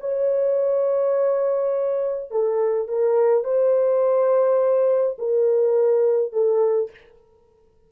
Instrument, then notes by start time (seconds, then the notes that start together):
horn
0.00 C#5
2.31 A4
2.88 A#4
3.44 C5
5.19 A#4
6.33 A4